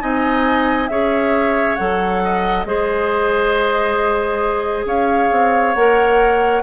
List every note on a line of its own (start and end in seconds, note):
0.00 0.89 C4
0.00 0.88 D#4
0.00 0.90 D#5
0.00 0.88 G#5
0.88 1.78 C#4
0.88 1.78 G#4
0.88 2.23 C#5
0.88 1.76 E5
1.76 2.65 F#3
1.76 2.66 A4
1.76 2.64 F#5
2.24 2.68 D#5
2.64 4.85 G#3
2.64 5.75 G#4
2.64 4.87 C5
2.64 4.85 D#5
4.85 5.29 C#4
4.85 6.63 C#5
4.85 5.74 F5
5.31 5.75 C4
5.74 6.63 A#3
5.74 6.63 A#4
5.74 6.63 F#5